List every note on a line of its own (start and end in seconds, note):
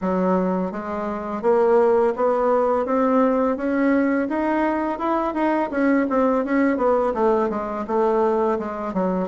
0.01 0.71 F#3
0.71 1.42 G#3
1.42 2.13 A#3
2.16 2.85 B3
2.85 3.56 C4
3.56 4.28 C#4
4.28 4.98 D#4
4.98 5.34 E4
5.34 5.69 D#4
5.70 6.06 C#4
6.09 6.44 C4
6.44 6.77 C#4
6.77 7.13 B3
7.14 7.49 A3
7.49 7.85 G#3
7.87 8.58 A3
8.58 8.93 G#3
8.93 9.28 F#3